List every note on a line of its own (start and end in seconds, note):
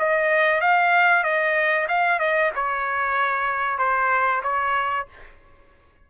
0.00 0.61 D#5
0.61 1.24 F5
1.24 1.88 D#5
1.89 2.20 F5
2.20 2.52 D#5
2.56 3.79 C#5
3.79 4.43 C5
4.43 5.07 C#5